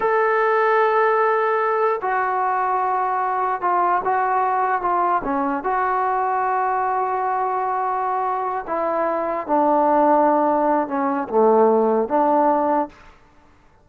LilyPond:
\new Staff \with { instrumentName = "trombone" } { \time 4/4 \tempo 4 = 149 a'1~ | a'4 fis'2.~ | fis'4 f'4 fis'2 | f'4 cis'4 fis'2~ |
fis'1~ | fis'4. e'2 d'8~ | d'2. cis'4 | a2 d'2 | }